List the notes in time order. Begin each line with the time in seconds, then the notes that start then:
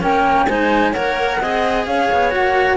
0.00 A#3 C#4 A#4 G5
0.46 G#3 D#4 C5 G#5
0.92 A#3 A#4 C#5 F#5
1.40 C4 G#4 D#5
1.85 C#4 C#5 F5
2.12 B3
2.31 A#3 F#4 F#5